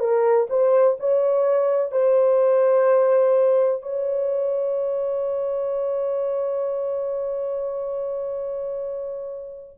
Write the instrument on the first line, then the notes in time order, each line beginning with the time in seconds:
horn
0.00 A#4
0.50 C5
1.00 C#5
1.92 C5
3.82 C#5